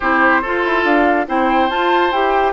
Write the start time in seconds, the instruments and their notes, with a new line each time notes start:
0.00 bassoon C4, clarinet E4, oboe G4, flute C5
0.41 clarinet F4, bassoon F4, oboe A4
0.64 bassoon E4
0.84 bassoon D4, flute F5
1.27 bassoon C4, clarinet E4, oboe C5, flute G5
1.69 clarinet F4, bassoon F4, flute A5
2.11 bassoon E4, clarinet G4, flute G5